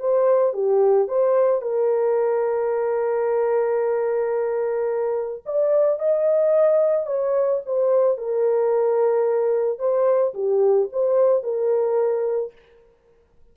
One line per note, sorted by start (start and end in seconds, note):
0.00 0.54 C5
0.54 1.08 G4
1.08 1.62 C5
1.62 5.43 A#4
5.46 6.00 D5
6.00 7.07 D#5
7.07 7.61 C#5
7.66 8.18 C5
8.18 9.79 A#4
9.79 10.34 C5
10.34 10.89 G4
10.93 11.43 C5
11.43 12.53 A#4